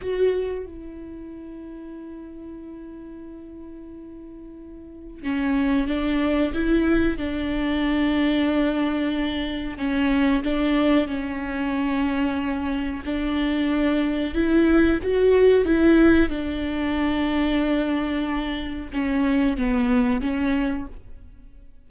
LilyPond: \new Staff \with { instrumentName = "viola" } { \time 4/4 \tempo 4 = 92 fis'4 e'2.~ | e'1 | cis'4 d'4 e'4 d'4~ | d'2. cis'4 |
d'4 cis'2. | d'2 e'4 fis'4 | e'4 d'2.~ | d'4 cis'4 b4 cis'4 | }